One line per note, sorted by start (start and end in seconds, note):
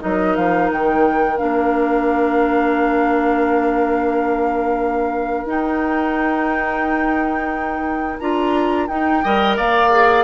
0.00 0.37 F#3
0.00 1.36 D#4
0.00 9.22 A#4
0.00 0.36 D#5
0.36 0.70 F3
0.36 0.70 F5
0.70 1.38 D#3
0.70 1.38 G5
1.37 5.45 A#3
1.37 5.46 D4
1.37 5.47 F5
5.45 8.17 D#4
5.45 8.19 D#4
5.45 8.19 G5
8.19 8.88 D4
8.19 8.88 F4
8.19 8.87 A#5
8.87 9.22 D#4
8.87 9.24 D#4
8.87 9.55 G5
9.23 9.58 G3
9.23 9.91 A#4
9.23 9.57 D#5
9.57 10.24 A#3
9.57 10.24 D5
9.57 10.24 F5
9.91 10.24 G#4